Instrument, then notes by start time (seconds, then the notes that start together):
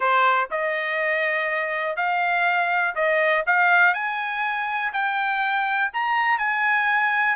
trumpet
0.00 C5
0.50 D#5
1.96 F5
2.95 D#5
3.46 F5
3.94 G#5
4.92 G5
5.93 A#5
6.38 G#5